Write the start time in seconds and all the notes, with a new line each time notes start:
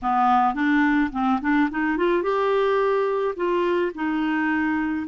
0.02 B3
0.54 D4
1.11 C4
1.41 D4
1.70 D#4
1.97 F4
2.22 G4
3.35 F4
3.94 D#4